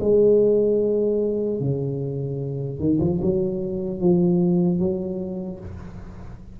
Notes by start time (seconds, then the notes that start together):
0.00 G#3
1.60 C#3
2.79 D#3
3.00 F3
3.21 F#3
4.00 F3
4.79 F#3